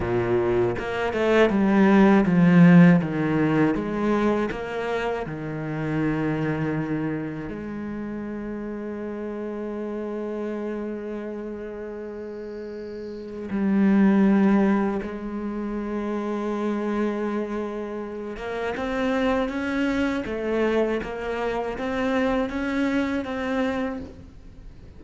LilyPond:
\new Staff \with { instrumentName = "cello" } { \time 4/4 \tempo 4 = 80 ais,4 ais8 a8 g4 f4 | dis4 gis4 ais4 dis4~ | dis2 gis2~ | gis1~ |
gis2 g2 | gis1~ | gis8 ais8 c'4 cis'4 a4 | ais4 c'4 cis'4 c'4 | }